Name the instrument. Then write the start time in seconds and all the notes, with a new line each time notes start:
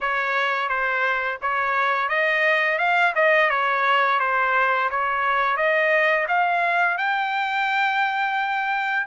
trumpet
0.01 C#5
0.68 C5
1.41 C#5
2.08 D#5
2.78 F5
3.15 D#5
3.50 C#5
4.19 C5
4.90 C#5
5.57 D#5
6.28 F5
6.97 G5